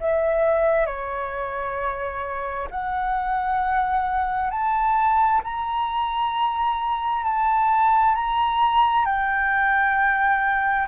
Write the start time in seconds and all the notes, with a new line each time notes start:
0.00 E5
0.86 C#5
2.70 F#5
4.50 A5
5.44 A#5
7.24 A5
8.15 A#5
9.05 G5